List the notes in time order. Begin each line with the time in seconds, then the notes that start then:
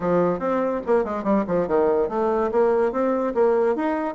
0.00 F3
0.39 C4
0.86 A#3
1.04 G#3
1.23 G3
1.47 F3
1.67 D#3
2.09 A3
2.51 A#3
2.92 C4
3.34 A#3
3.75 D#4